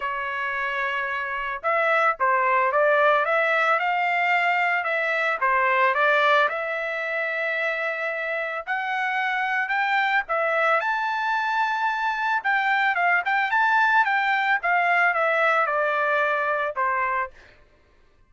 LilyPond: \new Staff \with { instrumentName = "trumpet" } { \time 4/4 \tempo 4 = 111 cis''2. e''4 | c''4 d''4 e''4 f''4~ | f''4 e''4 c''4 d''4 | e''1 |
fis''2 g''4 e''4 | a''2. g''4 | f''8 g''8 a''4 g''4 f''4 | e''4 d''2 c''4 | }